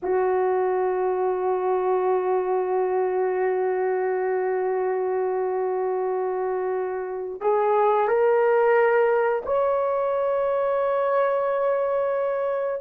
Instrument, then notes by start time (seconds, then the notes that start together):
horn
0.02 F#4
7.40 G#4
8.07 A#4
9.45 C#5